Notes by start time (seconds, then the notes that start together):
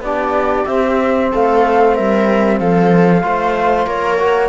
0.00 B3 D4 G4 D5
0.66 C4 E5
1.32 A3 A4 F5
1.94 G3 A#4 E5
2.59 F3 A4 F5
3.21 A3 F4 C5
3.86 A#3 A#4 C#5
4.19 F#4